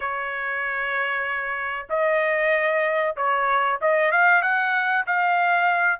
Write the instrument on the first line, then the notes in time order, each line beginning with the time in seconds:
trumpet
0.00 C#5
1.89 D#5
3.16 C#5
3.81 D#5
4.11 F5
4.42 F#5
5.06 F5